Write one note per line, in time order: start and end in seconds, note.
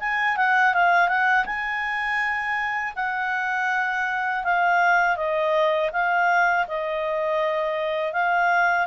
0.00 0.37 G#5
0.37 0.74 F#5
0.74 1.08 F5
1.08 1.45 F#5
1.46 2.94 G#5
2.96 4.44 F#5
4.44 5.16 F5
5.16 5.91 D#5
5.93 6.67 F5
6.68 8.13 D#5
8.13 8.87 F5